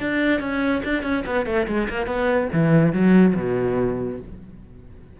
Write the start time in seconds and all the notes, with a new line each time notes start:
0.00 D4
0.40 C#4
0.84 D4
1.03 C#4
1.26 B3
1.46 A3
1.67 G#3
1.89 A#3
2.06 B3
2.53 E3
2.93 F#3
3.35 B2